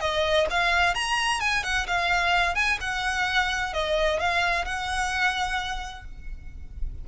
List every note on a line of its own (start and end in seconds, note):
0.00 0.47 D#5
0.50 0.94 F5
0.94 1.40 A#5
1.40 1.63 G#5
1.63 1.87 F#5
1.87 2.55 F5
2.55 2.78 G#5
2.81 3.73 F#5
3.73 4.20 D#5
4.20 4.65 F5
4.65 6.04 F#5